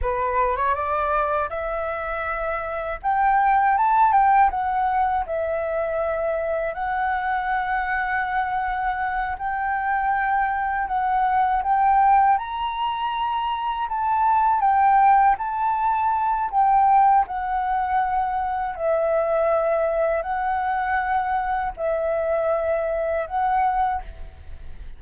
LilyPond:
\new Staff \with { instrumentName = "flute" } { \time 4/4 \tempo 4 = 80 b'8. cis''16 d''4 e''2 | g''4 a''8 g''8 fis''4 e''4~ | e''4 fis''2.~ | fis''8 g''2 fis''4 g''8~ |
g''8 ais''2 a''4 g''8~ | g''8 a''4. g''4 fis''4~ | fis''4 e''2 fis''4~ | fis''4 e''2 fis''4 | }